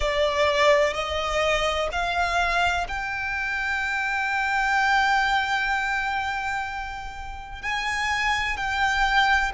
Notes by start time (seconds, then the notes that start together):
0.00 D5
0.93 D#5
1.92 F5
2.87 G5
7.61 G#5
8.57 G5